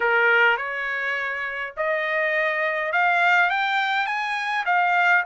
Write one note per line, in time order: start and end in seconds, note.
0.00 0.57 A#4
0.57 1.73 C#5
1.76 2.92 D#5
2.92 3.50 F5
3.50 4.06 G5
4.06 4.64 G#5
4.65 5.23 F5